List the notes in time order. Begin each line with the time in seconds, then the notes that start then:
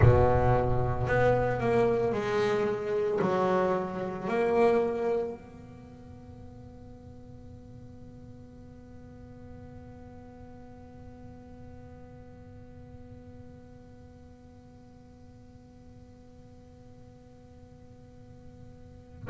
0.01 B2
1.07 B3
1.60 A#3
2.12 G#3
3.21 F#3
4.28 A#3
5.35 B3